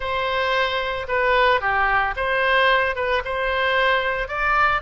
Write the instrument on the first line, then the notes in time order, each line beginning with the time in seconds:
oboe
0.00 C5
1.08 B4
1.60 G4
2.16 C5
2.95 B4
3.24 C5
4.28 D5